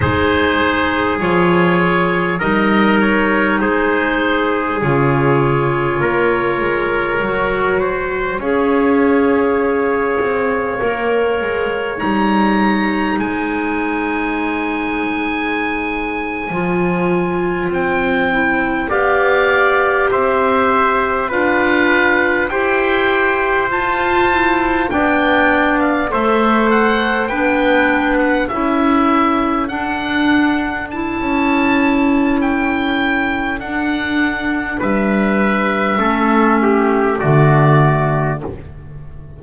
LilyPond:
<<
  \new Staff \with { instrumentName = "oboe" } { \time 4/4 \tempo 4 = 50 c''4 cis''4 dis''8 cis''8 c''4 | cis''2. f''4~ | f''2 ais''4 gis''4~ | gis''2~ gis''8. g''4 f''16~ |
f''8. e''4 f''4 g''4 a''16~ | a''8. g''8. f''16 e''8 fis''8 g''8. fis''16 e''16~ | e''8. fis''4 a''4~ a''16 g''4 | fis''4 e''2 d''4 | }
  \new Staff \with { instrumentName = "trumpet" } { \time 4/4 gis'2 ais'4 gis'4~ | gis'4 ais'4. c''8 cis''4~ | cis''2. c''4~ | c''2.~ c''8. d''16~ |
d''8. c''4 b'4 c''4~ c''16~ | c''8. d''4 c''4 b'4 a'16~ | a'1~ | a'4 b'4 a'8 g'8 fis'4 | }
  \new Staff \with { instrumentName = "clarinet" } { \time 4/4 dis'4 f'4 dis'2 | f'2 fis'4 gis'4~ | gis'4 ais'4 dis'2~ | dis'4.~ dis'16 f'4. e'8 g'16~ |
g'4.~ g'16 f'4 g'4 f'16~ | f'16 e'8 d'4 a'4 d'4 e'16~ | e'8. d'4 e'2~ e'16 | d'2 cis'4 a4 | }
  \new Staff \with { instrumentName = "double bass" } { \time 4/4 gis4 f4 g4 gis4 | cis4 ais8 gis8 fis4 cis'4~ | cis'8 c'8 ais8 gis8 g4 gis4~ | gis4.~ gis16 f4 c'4 b16~ |
b8. c'4 d'4 e'4 f'16~ | f'8. b4 a4 b4 cis'16~ | cis'8. d'4~ d'16 cis'2 | d'4 g4 a4 d4 | }
>>